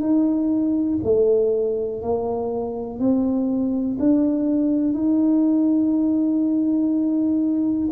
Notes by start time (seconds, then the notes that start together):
0.00 D#4
1.04 A3
2.02 A#3
2.99 C4
3.99 D4
4.94 D#4